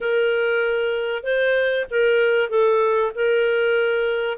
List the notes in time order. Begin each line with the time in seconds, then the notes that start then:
0.00 A#4
1.23 C5
1.90 A#4
2.49 A4
3.15 A#4